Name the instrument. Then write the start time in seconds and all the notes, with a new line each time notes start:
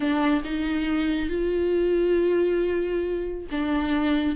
viola
0.00 D4
0.44 D#4
1.29 F4
3.51 D4